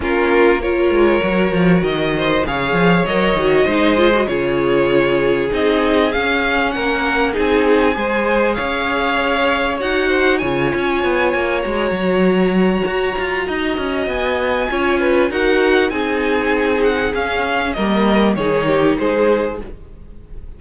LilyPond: <<
  \new Staff \with { instrumentName = "violin" } { \time 4/4 \tempo 4 = 98 ais'4 cis''2 dis''4 | f''4 dis''2 cis''4~ | cis''4 dis''4 f''4 fis''4 | gis''2 f''2 |
fis''4 gis''2 ais''4~ | ais''2. gis''4~ | gis''4 fis''4 gis''4. fis''8 | f''4 dis''4 cis''4 c''4 | }
  \new Staff \with { instrumentName = "violin" } { \time 4/4 f'4 ais'2~ ais'8 c''8 | cis''2 c''4 gis'4~ | gis'2. ais'4 | gis'4 c''4 cis''2~ |
cis''8 c''8 cis''2.~ | cis''2 dis''2 | cis''8 b'8 ais'4 gis'2~ | gis'4 ais'4 gis'8 g'8 gis'4 | }
  \new Staff \with { instrumentName = "viola" } { \time 4/4 cis'4 f'4 fis'2 | gis'4 ais'8 fis'8 dis'8 f'16 fis'16 f'4~ | f'4 dis'4 cis'2 | dis'4 gis'2. |
fis'4 f'2 fis'4~ | fis'1 | f'4 fis'4 dis'2 | cis'4 ais4 dis'2 | }
  \new Staff \with { instrumentName = "cello" } { \time 4/4 ais4. gis8 fis8 f8 dis4 | cis8 f8 fis8 dis8 gis4 cis4~ | cis4 c'4 cis'4 ais4 | c'4 gis4 cis'2 |
dis'4 cis8 cis'8 b8 ais8 gis8 fis8~ | fis4 fis'8 f'8 dis'8 cis'8 b4 | cis'4 dis'4 c'2 | cis'4 g4 dis4 gis4 | }
>>